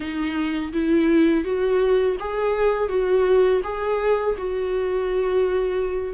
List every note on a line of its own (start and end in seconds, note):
0.00 0.72 D#4
0.72 1.44 E4
1.44 2.16 F#4
2.19 2.88 G#4
2.88 3.61 F#4
3.63 4.35 G#4
4.37 6.13 F#4